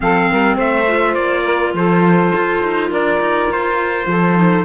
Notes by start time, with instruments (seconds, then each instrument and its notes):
0.00 cello F3, clarinet C4, saxophone A4, trumpet F5
0.30 cello G3, saxophone A#4
0.56 cello A3, saxophone C5, trumpet E5
0.86 clarinet F4
1.14 cello A#3, trumpet D5
1.43 saxophone A#4
1.73 cello F3, saxophone A4, trumpet C5
2.34 cello F4
2.62 cello D#4
2.90 cello D4, saxophone A#4, trumpet D5
3.20 cello D#4
3.50 cello F4, trumpet C5
4.06 cello F3, saxophone A4
4.35 clarinet D#4